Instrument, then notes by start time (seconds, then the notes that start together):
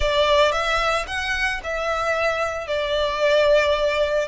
violin
0.00 D5
0.51 E5
1.07 F#5
1.63 E5
2.67 D5